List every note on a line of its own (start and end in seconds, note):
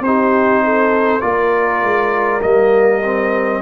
0.00 1.20 C4
0.00 1.20 D#4
0.00 0.64 G4
0.00 1.21 C5
0.64 1.24 A4
1.20 1.82 A#3
1.20 2.40 F4
1.20 3.62 A#4
1.20 2.41 D5
1.83 2.43 G#3
2.42 3.62 G3
2.42 3.02 A#3
2.42 3.62 D#5
3.04 3.62 C4